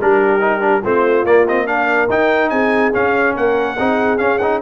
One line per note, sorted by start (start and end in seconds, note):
0.00 0.84 G3
0.00 0.40 D4
0.00 0.82 G4
0.00 0.85 A#4
0.40 0.61 D#4
0.61 0.82 D4
0.82 1.24 A3
0.82 1.26 C4
0.82 1.66 F4
0.82 1.25 C5
1.24 2.08 A#3
1.24 1.47 A#3
1.24 1.46 D5
1.48 1.66 C4
1.48 1.67 D#5
1.66 2.08 D4
1.66 2.50 A#4
1.66 2.09 F5
2.09 2.51 D#4
2.09 2.93 D#4
2.09 2.49 G5
2.49 2.93 C4
2.49 3.34 G#4
2.49 2.91 G#5
2.93 3.77 C#4
2.93 3.36 C#4
2.93 3.36 F5
3.34 3.78 A#3
3.34 3.76 A#4
3.34 4.18 F#5
3.78 4.21 C4
3.78 4.19 D#4
3.78 4.62 G#4
4.18 4.40 C#4
4.18 4.62 C#4
4.18 4.38 F5
4.38 4.62 D#4
4.38 4.59 F#5